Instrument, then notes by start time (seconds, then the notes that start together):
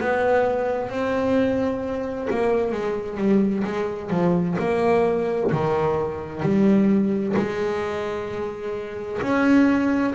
double bass
0.00 B3
0.89 C4
2.30 A#3
2.72 G#3
3.17 G3
3.64 G#3
4.10 F3
4.59 A#3
5.51 D#3
6.43 G3
7.37 G#3
9.22 C#4